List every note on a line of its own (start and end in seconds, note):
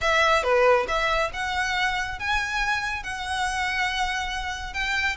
0.01 0.43 E5
0.43 0.86 B4
0.88 1.31 E5
1.33 2.19 F#5
2.19 3.03 G#5
3.03 4.73 F#5
4.73 5.16 G5